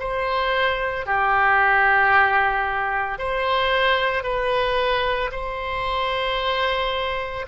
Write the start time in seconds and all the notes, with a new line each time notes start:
0.00 C5
1.06 G4
3.19 C5
4.24 B4
5.32 C5